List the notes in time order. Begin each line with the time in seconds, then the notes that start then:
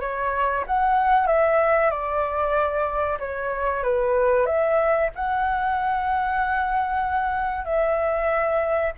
0.00 C#5
0.66 F#5
1.26 E5
1.90 D5
3.19 C#5
3.83 B4
4.46 E5
5.15 F#5
7.65 E5